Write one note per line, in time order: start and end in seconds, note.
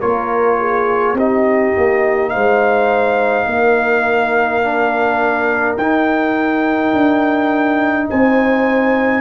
0.00 1.14 A#3
0.00 1.16 F4
0.00 0.58 A#4
0.00 1.16 C#5
0.59 1.17 G#4
1.14 1.71 C4
1.14 4.63 D#4
1.14 2.32 G4
1.14 2.29 D#5
1.77 2.35 A#3
2.29 3.46 G#3
2.29 3.48 C5
2.29 5.75 F5
3.46 5.77 A#3
3.46 8.09 A#4
4.63 5.78 D4
5.77 6.93 D#4
5.77 9.21 D#4
5.77 8.08 G5
6.93 8.08 D4
8.10 9.21 C4
8.10 9.21 C5
8.10 9.21 G#5